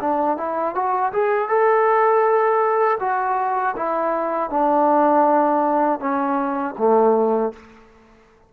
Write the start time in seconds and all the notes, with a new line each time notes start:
0.00 D4
0.37 E4
0.74 F#4
1.12 G#4
1.48 A4
3.00 F#4
3.76 E4
4.50 D4
5.99 C#4
6.77 A3